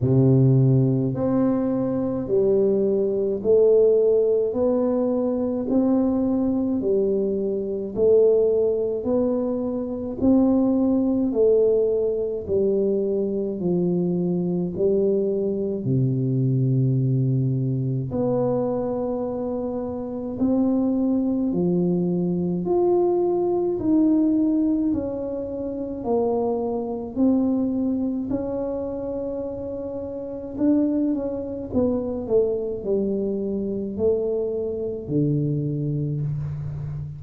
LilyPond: \new Staff \with { instrumentName = "tuba" } { \time 4/4 \tempo 4 = 53 c4 c'4 g4 a4 | b4 c'4 g4 a4 | b4 c'4 a4 g4 | f4 g4 c2 |
b2 c'4 f4 | f'4 dis'4 cis'4 ais4 | c'4 cis'2 d'8 cis'8 | b8 a8 g4 a4 d4 | }